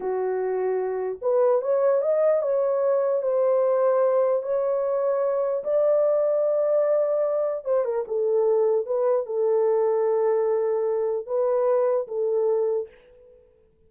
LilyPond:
\new Staff \with { instrumentName = "horn" } { \time 4/4 \tempo 4 = 149 fis'2. b'4 | cis''4 dis''4 cis''2 | c''2. cis''4~ | cis''2 d''2~ |
d''2. c''8 ais'8 | a'2 b'4 a'4~ | a'1 | b'2 a'2 | }